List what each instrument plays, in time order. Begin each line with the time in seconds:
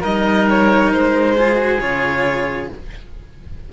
0.00 cello G3 D#4, oboe A#4, violin D#5
0.49 violin C#5
0.92 cello G#3, violin C5
1.37 cello F4, oboe G#4
1.55 cello F#4
1.79 cello C#3 F4, violin C#5